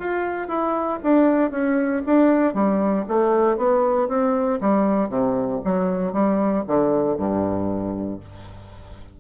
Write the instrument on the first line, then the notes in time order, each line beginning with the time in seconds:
bassoon
0.00 F4
0.48 E4
1.03 D4
1.51 C#4
2.07 D4
2.54 G3
3.08 A3
3.58 B3
4.09 C4
4.61 G3
5.10 C3
5.65 F#3
6.13 G3
6.67 D3
7.18 G2